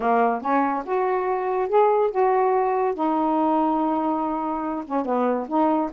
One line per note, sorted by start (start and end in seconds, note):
0.00 0.41 A#3
0.41 0.83 C#4
0.85 1.68 F#4
1.68 2.10 G#4
2.10 2.94 F#4
2.94 4.84 D#4
4.86 5.05 C#4
5.05 5.47 B3
5.48 5.90 D#4